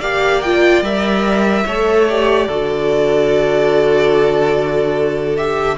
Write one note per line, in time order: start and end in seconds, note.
0.00 0.82 A#3
0.00 0.43 G4
0.00 1.64 D5
0.00 0.42 F5
0.42 0.85 F4
0.42 0.83 G5
0.82 1.64 G3
0.82 1.67 A#4
0.82 2.08 E5
1.66 2.48 A3
1.66 2.09 A4
1.66 2.47 C#5
2.09 2.50 G4
2.09 5.37 D5
2.47 5.78 D3
2.47 5.36 F#4
2.47 5.76 A4
5.36 5.78 G4
5.36 5.78 E5